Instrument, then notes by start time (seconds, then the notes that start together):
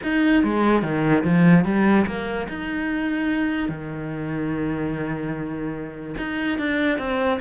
cello
0.03 D#4
0.43 G#3
0.82 D#3
1.23 F3
1.65 G3
2.06 A#3
2.48 D#4
3.68 D#3
6.17 D#4
6.58 D4
6.98 C4